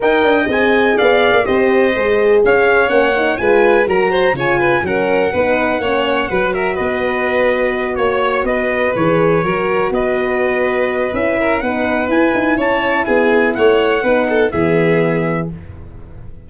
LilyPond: <<
  \new Staff \with { instrumentName = "trumpet" } { \time 4/4 \tempo 4 = 124 g''4 gis''4 f''4 dis''4~ | dis''4 f''4 fis''4 gis''4 | ais''4 gis''4 fis''2~ | fis''4. e''8 dis''2~ |
dis''8 cis''4 dis''4 cis''4.~ | cis''8 dis''2~ dis''8 e''4 | fis''4 gis''4 a''4 gis''4 | fis''2 e''2 | }
  \new Staff \with { instrumentName = "violin" } { \time 4/4 dis''2 d''4 c''4~ | c''4 cis''2 b'4 | ais'8 c''8 cis''8 b'8 ais'4 b'4 | cis''4 b'8 ais'8 b'2~ |
b'8 cis''4 b'2 ais'8~ | ais'8 b'2. ais'8 | b'2 cis''4 gis'4 | cis''4 b'8 a'8 gis'2 | }
  \new Staff \with { instrumentName = "horn" } { \time 4/4 ais'4 gis'2 g'4 | gis'2 cis'8 dis'8 f'4 | fis'4 f'4 cis'4 dis'4 | cis'4 fis'2.~ |
fis'2~ fis'8 gis'4 fis'8~ | fis'2. e'4 | dis'4 e'2.~ | e'4 dis'4 b2 | }
  \new Staff \with { instrumentName = "tuba" } { \time 4/4 dis'8 d'8 c'4 b8. ais16 c'4 | gis4 cis'4 ais4 gis4 | fis4 cis4 fis4 b4 | ais4 fis4 b2~ |
b8 ais4 b4 e4 fis8~ | fis8 b2~ b8 cis'4 | b4 e'8 dis'8 cis'4 b4 | a4 b4 e2 | }
>>